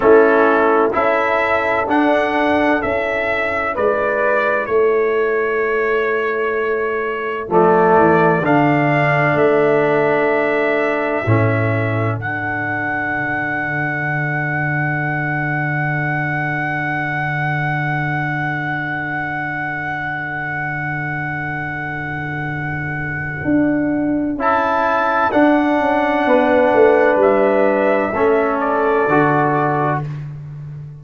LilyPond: <<
  \new Staff \with { instrumentName = "trumpet" } { \time 4/4 \tempo 4 = 64 a'4 e''4 fis''4 e''4 | d''4 cis''2. | d''4 f''4 e''2~ | e''4 fis''2.~ |
fis''1~ | fis''1~ | fis''2 a''4 fis''4~ | fis''4 e''4. d''4. | }
  \new Staff \with { instrumentName = "horn" } { \time 4/4 e'4 a'2. | b'4 a'2.~ | a'1~ | a'1~ |
a'1~ | a'1~ | a'1 | b'2 a'2 | }
  \new Staff \with { instrumentName = "trombone" } { \time 4/4 cis'4 e'4 d'4 e'4~ | e'1 | a4 d'2. | cis'4 d'2.~ |
d'1~ | d'1~ | d'2 e'4 d'4~ | d'2 cis'4 fis'4 | }
  \new Staff \with { instrumentName = "tuba" } { \time 4/4 a4 cis'4 d'4 cis'4 | gis4 a2. | f8 e8 d4 a2 | a,4 d2.~ |
d1~ | d1~ | d4 d'4 cis'4 d'8 cis'8 | b8 a8 g4 a4 d4 | }
>>